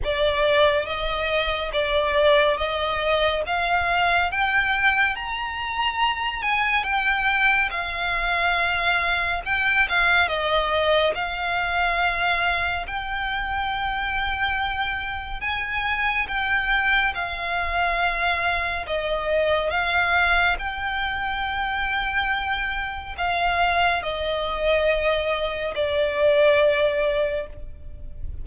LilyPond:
\new Staff \with { instrumentName = "violin" } { \time 4/4 \tempo 4 = 70 d''4 dis''4 d''4 dis''4 | f''4 g''4 ais''4. gis''8 | g''4 f''2 g''8 f''8 | dis''4 f''2 g''4~ |
g''2 gis''4 g''4 | f''2 dis''4 f''4 | g''2. f''4 | dis''2 d''2 | }